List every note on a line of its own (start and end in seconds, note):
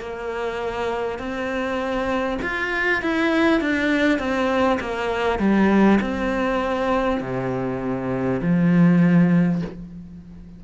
0.00 1.19 A#3
1.19 2.39 C4
2.42 3.02 F4
3.02 3.61 E4
3.61 4.19 D4
4.19 4.79 C4
4.80 5.39 A#3
5.39 5.99 G3
6.01 7.21 C4
7.21 8.41 C3
8.42 9.62 F3